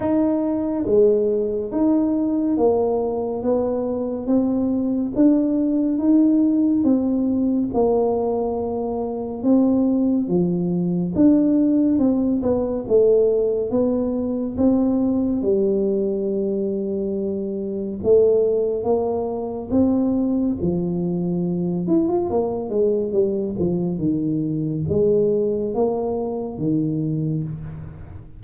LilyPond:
\new Staff \with { instrumentName = "tuba" } { \time 4/4 \tempo 4 = 70 dis'4 gis4 dis'4 ais4 | b4 c'4 d'4 dis'4 | c'4 ais2 c'4 | f4 d'4 c'8 b8 a4 |
b4 c'4 g2~ | g4 a4 ais4 c'4 | f4. e'16 f'16 ais8 gis8 g8 f8 | dis4 gis4 ais4 dis4 | }